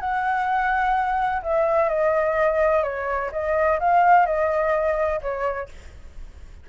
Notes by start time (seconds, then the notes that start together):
0.00 F#5
1.42 E5
1.89 D#5
2.83 C#5
3.32 D#5
3.79 F5
4.26 D#5
5.21 C#5